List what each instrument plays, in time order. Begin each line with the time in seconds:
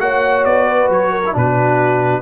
0.00 tuba A#3, trombone F#4, horn C#5, trumpet F#5
0.45 tuba B3, trumpet D5
0.68 horn B4
0.89 tuba F#3, trumpet C#5
1.12 horn A#4
1.26 trombone E4
1.33 tuba B2, trombone D4, horn F#4, trumpet B4